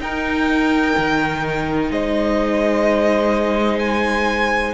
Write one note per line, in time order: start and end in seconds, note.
0.00 0.95 D#4
0.00 4.74 D#4
0.00 1.92 A#4
0.00 1.92 G5
0.98 1.91 D#3
1.91 4.74 G#3
1.91 4.74 C5
1.91 3.79 D#5
3.79 4.74 G#5